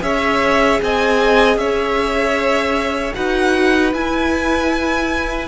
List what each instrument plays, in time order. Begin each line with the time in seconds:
0.00 cello C#4, viola G#4, violin C#5 E5
0.82 cello C4, violin D#5 G#5
1.56 cello C#4, violin C#5 E5
3.14 cello D#4, viola F#4, violin B4 F#5
3.93 cello E4, viola E4, violin G#5